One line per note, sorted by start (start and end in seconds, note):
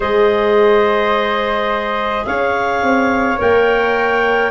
0.00 2.25 G#3
0.00 3.37 G#4
0.00 2.25 C5
0.00 2.25 D#5
2.25 2.82 C#4
2.25 4.51 C#5
2.25 3.38 F5
2.82 3.39 C4
3.37 4.51 A#3
3.37 4.51 A#4
3.37 4.51 G5